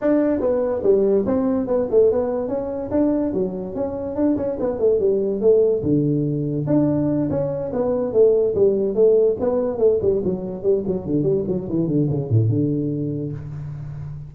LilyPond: \new Staff \with { instrumentName = "tuba" } { \time 4/4 \tempo 4 = 144 d'4 b4 g4 c'4 | b8 a8 b4 cis'4 d'4 | fis4 cis'4 d'8 cis'8 b8 a8 | g4 a4 d2 |
d'4. cis'4 b4 a8~ | a8 g4 a4 b4 a8 | g8 fis4 g8 fis8 d8 g8 fis8 | e8 d8 cis8 a,8 d2 | }